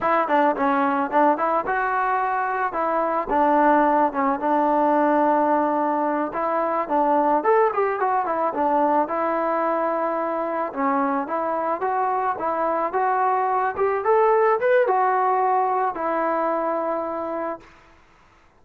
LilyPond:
\new Staff \with { instrumentName = "trombone" } { \time 4/4 \tempo 4 = 109 e'8 d'8 cis'4 d'8 e'8 fis'4~ | fis'4 e'4 d'4. cis'8 | d'2.~ d'8 e'8~ | e'8 d'4 a'8 g'8 fis'8 e'8 d'8~ |
d'8 e'2. cis'8~ | cis'8 e'4 fis'4 e'4 fis'8~ | fis'4 g'8 a'4 b'8 fis'4~ | fis'4 e'2. | }